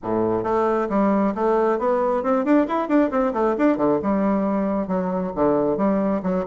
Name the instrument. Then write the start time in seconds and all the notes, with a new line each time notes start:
bassoon
0.02 A2
0.43 A3
0.89 G3
1.34 A3
1.78 B3
2.23 C4
2.44 D4
2.67 E4
2.88 D4
3.10 C4
3.33 A3
3.58 D4
3.77 D3
4.02 G3
4.87 F#3
5.35 D3
5.77 G3
6.22 F#3